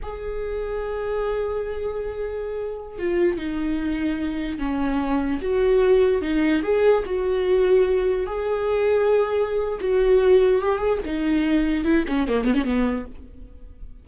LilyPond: \new Staff \with { instrumentName = "viola" } { \time 4/4 \tempo 4 = 147 gis'1~ | gis'2.~ gis'16 f'8.~ | f'16 dis'2. cis'8.~ | cis'4~ cis'16 fis'2 dis'8.~ |
dis'16 gis'4 fis'2~ fis'8.~ | fis'16 gis'2.~ gis'8. | fis'2 g'8 gis'8 dis'4~ | dis'4 e'8 cis'8 ais8 b16 cis'16 b4 | }